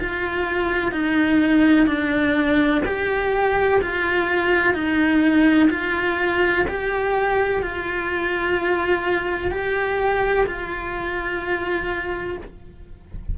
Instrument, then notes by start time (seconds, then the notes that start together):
cello
0.00 F4
0.92 D#4
1.87 D4
2.86 G4
3.82 F4
4.74 D#4
5.71 F4
6.68 G4
7.62 F4
9.52 G4
10.47 F4